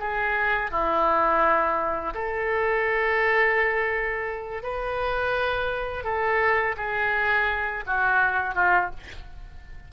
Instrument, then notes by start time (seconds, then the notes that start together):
oboe
0.00 G#4
0.71 E4
2.15 A4
4.63 B4
6.05 A4
6.77 G#4
7.87 F#4
8.55 F4